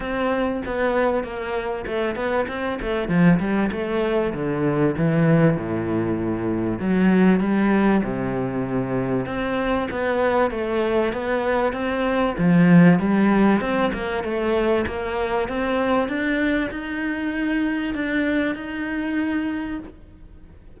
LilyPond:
\new Staff \with { instrumentName = "cello" } { \time 4/4 \tempo 4 = 97 c'4 b4 ais4 a8 b8 | c'8 a8 f8 g8 a4 d4 | e4 a,2 fis4 | g4 c2 c'4 |
b4 a4 b4 c'4 | f4 g4 c'8 ais8 a4 | ais4 c'4 d'4 dis'4~ | dis'4 d'4 dis'2 | }